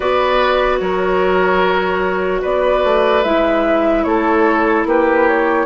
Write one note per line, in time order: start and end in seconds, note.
0.00 0.80 B3
0.00 3.24 F#4
0.00 0.79 B4
0.00 0.78 D5
0.79 2.42 F#3
0.79 2.41 A#4
0.79 2.41 C#5
2.41 2.84 B3
2.41 4.04 B4
2.41 3.23 D5
2.84 3.24 A3
3.23 4.04 G#3
3.23 5.66 E4
3.23 4.03 E5
4.03 4.85 A3
4.03 4.88 A4
4.03 4.84 C#5
4.85 5.66 A#3
4.85 5.66 G4
4.85 5.28 B4
5.28 5.66 C#5